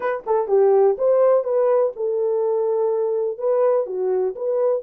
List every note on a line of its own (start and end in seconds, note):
0.00 0.24 B4
0.26 0.48 A4
0.48 0.96 G4
0.98 1.44 C5
1.44 1.92 B4
1.96 3.38 A4
3.38 3.86 B4
3.86 4.34 F#4
4.35 4.82 B4